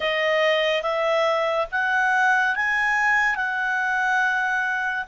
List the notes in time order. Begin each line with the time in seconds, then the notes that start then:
0.00 D#5
0.82 E5
1.71 F#5
2.55 G#5
3.35 F#5